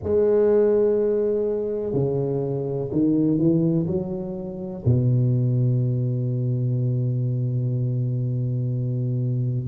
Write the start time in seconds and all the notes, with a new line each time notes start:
0.03 G#3
1.93 C#3
2.91 D#3
3.37 E3
3.87 F#3
4.85 B2